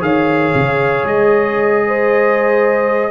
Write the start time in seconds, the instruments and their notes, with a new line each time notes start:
0.00 tuba D#3, trombone G#4, horn C#5, trumpet F5
0.54 tuba C#3
1.03 tuba G#3, trumpet D#5
1.87 horn C5